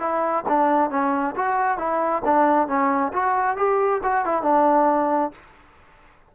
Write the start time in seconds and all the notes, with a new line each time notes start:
0.00 E4
0.49 D4
0.91 C#4
1.36 F#4
1.78 E4
2.25 D4
2.68 C#4
3.13 F#4
3.57 G4
4.03 F#4
4.25 E4
4.43 D4